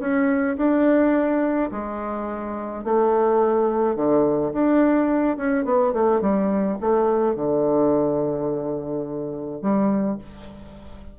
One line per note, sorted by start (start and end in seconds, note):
0.00 0.57 C#4
0.57 1.70 D4
1.71 2.85 G#3
2.85 3.96 A3
3.96 4.53 D3
4.53 5.37 D4
5.37 5.65 C#4
5.65 5.93 B3
5.93 6.21 A3
6.21 6.78 G3
6.81 7.36 A3
7.36 9.62 D3
9.62 10.18 G3